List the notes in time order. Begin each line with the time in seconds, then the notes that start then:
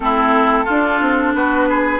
0.00 A3 C4 E4 A4
0.64 D4 F4
1.00 C4
1.34 B3 F#4 B4
1.69 G#4